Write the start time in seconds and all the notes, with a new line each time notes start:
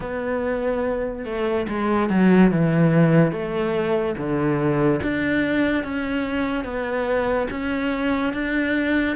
0.00 B3
1.25 A3
1.68 G#3
2.09 F#3
2.51 E3
3.31 A3
4.17 D3
5.02 D4
5.83 C#4
6.64 B3
7.50 C#4
8.33 D4